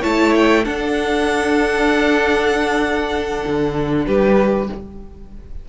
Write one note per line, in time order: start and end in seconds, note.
0.00 0.66 A3
0.00 0.63 E4
0.00 0.62 C#5
0.00 0.34 A5
0.35 0.65 G5
0.63 4.65 D4
0.63 3.44 D4
0.63 4.05 A4
0.63 4.05 F#5
3.46 4.07 D3
4.06 4.68 G3
4.06 4.68 G4
4.06 4.68 B4